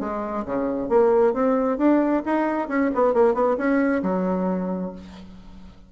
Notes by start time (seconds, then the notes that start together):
0.00 G#3
0.46 C#3
0.90 A#3
1.34 C4
1.78 D4
2.26 D#4
2.69 C#4
2.95 B3
3.14 A#3
3.35 B3
3.58 C#4
4.03 F#3